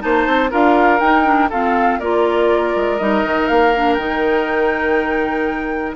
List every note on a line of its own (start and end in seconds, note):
0.00 0.27 A#3
0.00 0.50 D#4
0.00 0.51 C5
0.00 0.51 A5
0.27 0.52 C4
0.51 1.01 D4
0.51 1.00 F4
0.51 1.50 A#4
0.51 1.00 F5
1.00 1.50 D#4
1.00 1.24 D#4
1.00 1.49 G5
1.24 1.49 D4
1.50 2.02 C4
1.50 2.01 F4
1.50 1.99 A4
1.50 2.00 F5
1.99 2.75 A#3
1.99 2.99 F4
1.99 5.96 A#4
1.99 2.98 D5
2.76 3.00 G#3
2.98 3.24 G3
2.98 3.74 D#4
2.98 3.48 D#5
3.24 3.49 D#3
3.48 3.97 A#3
3.48 3.94 F5
3.76 3.99 D4
3.94 5.95 D#3
3.94 5.96 D#4
3.94 5.92 G5